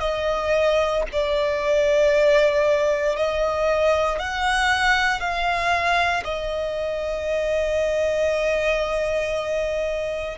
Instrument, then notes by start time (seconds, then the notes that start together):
violin
0.00 D#5
1.12 D5
3.16 D#5
4.19 F#5
5.20 F5
6.24 D#5